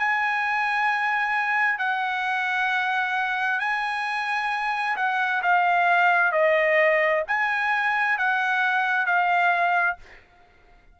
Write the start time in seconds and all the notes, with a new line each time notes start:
0.00 G#5
1.79 F#5
3.60 G#5
4.97 F#5
5.43 F5
6.33 D#5
7.28 G#5
8.19 F#5
9.06 F5